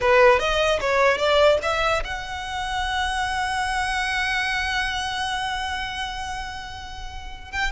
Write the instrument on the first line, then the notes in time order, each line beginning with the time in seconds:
violin
0.00 B4
0.39 D#5
0.80 C#5
1.17 D5
1.62 E5
2.04 F#5
7.51 G5